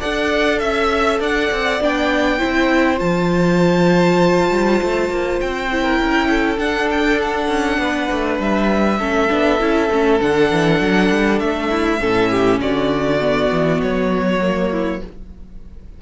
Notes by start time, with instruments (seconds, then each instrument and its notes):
0.00 cello D4, viola A4, violin D5 F#5
0.59 cello C#4, violin E5
1.20 cello D4, violin D5 F#5
1.52 cello C4
1.80 cello B3, viola D4, violin G5
2.39 cello C4, viola E4, violin C5
2.98 cello F3, viola F4, violin A5
4.50 cello G3
4.83 cello A3
5.09 cello A#3
5.41 cello C4, violin G5
5.72 viola E4
5.83 violin A#4
6.00 cello C#4
6.30 violin A4
6.58 cello D4, viola D4, violin F#5
6.91 violin G5
7.22 violin F#5
7.48 cello C#4
7.78 cello B3, violin B4
8.12 cello A3
8.39 cello G3, violin E5
8.99 cello A3, viola C#4, violin A4
9.29 cello B3, viola D4
9.60 cello C#4, viola E4
9.90 cello A3, viola C#4
10.20 cello D3, viola D4, violin F#5
10.52 cello E3
10.80 cello F#3
11.11 cello G3
11.39 cello A3, violin E5
11.70 violin E4
12.00 cello A2, viola C#4, violin A4
12.31 violin G4
12.60 cello D3, violin F#4 D5
13.21 viola B3
13.52 cello E3
13.82 cello F#3, violin C#5
14.42 viola A#3
14.71 violin E4